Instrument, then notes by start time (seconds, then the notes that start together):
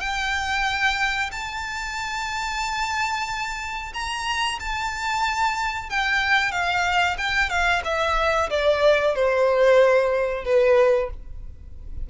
violin
0.00 G5
1.32 A5
3.94 A#5
4.59 A5
5.90 G5
6.52 F5
7.17 G5
7.49 F5
7.84 E5
8.50 D5
9.15 C5
10.45 B4